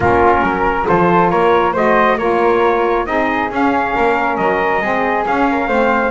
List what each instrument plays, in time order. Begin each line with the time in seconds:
0.00 double bass A#3, saxophone C#4, flute F4, trumpet A#4
0.42 double bass F#3, flute A#4
0.84 double bass F3, saxophone F4, flute A4, trumpet C5
1.30 double bass A#3, flute A#4, trumpet C#5
1.73 double bass A3, saxophone F#4, flute C5, trumpet D#5
2.18 double bass A#3, saxophone F4, flute A#4, trumpet C#5
3.05 double bass C4, saxophone D#4, flute G#4, trumpet D#5
3.50 double bass C#4, saxophone C#4, trumpet F5
3.95 double bass A#3, flute A#4
4.36 double bass F#3, trumpet D#5
4.81 double bass G#3, saxophone C4, flute G#4
5.23 saxophone C#4, double bass C#4, trumpet F5
5.51 flute A#4
5.68 double bass A3, saxophone C4, flute C5